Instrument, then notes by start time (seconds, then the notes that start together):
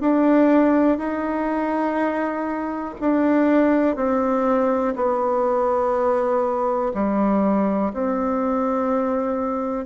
bassoon
0.00 D4
0.97 D#4
3.00 D4
3.95 C4
4.95 B3
6.93 G3
7.93 C4